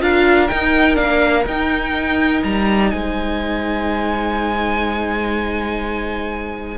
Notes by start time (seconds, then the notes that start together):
0.00 D4 F4 A#4 F5
0.48 D#4 G5
0.95 A#3 D4 F5
1.46 D#4 G5
2.44 G3 A#5
2.91 G#3 C5 G#5